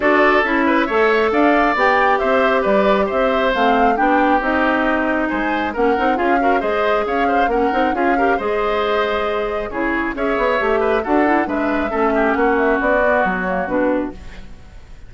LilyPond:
<<
  \new Staff \with { instrumentName = "flute" } { \time 4/4 \tempo 4 = 136 d''4 e''2 f''4 | g''4 e''4 d''4 e''4 | f''4 g''4 dis''2 | gis''4 fis''4 f''4 dis''4 |
f''4 fis''4 f''4 dis''4~ | dis''2 cis''4 e''4~ | e''4 fis''4 e''2 | fis''8 e''8 d''4 cis''4 b'4 | }
  \new Staff \with { instrumentName = "oboe" } { \time 4/4 a'4. b'8 cis''4 d''4~ | d''4 c''4 b'4 c''4~ | c''4 g'2. | c''4 ais'4 gis'8 ais'8 c''4 |
cis''8 c''8 ais'4 gis'8 ais'8 c''4~ | c''2 gis'4 cis''4~ | cis''8 b'8 a'4 b'4 a'8 g'8 | fis'1 | }
  \new Staff \with { instrumentName = "clarinet" } { \time 4/4 fis'4 e'4 a'2 | g'1 | c'4 d'4 dis'2~ | dis'4 cis'8 dis'8 f'8 fis'8 gis'4~ |
gis'4 cis'8 dis'8 f'8 g'8 gis'4~ | gis'2 e'4 gis'4 | g'4 fis'8 e'8 d'4 cis'4~ | cis'4. b4 ais8 d'4 | }
  \new Staff \with { instrumentName = "bassoon" } { \time 4/4 d'4 cis'4 a4 d'4 | b4 c'4 g4 c'4 | a4 b4 c'2 | gis4 ais8 c'8 cis'4 gis4 |
cis'4 ais8 c'8 cis'4 gis4~ | gis2 cis4 cis'8 b8 | a4 d'4 gis4 a4 | ais4 b4 fis4 b,4 | }
>>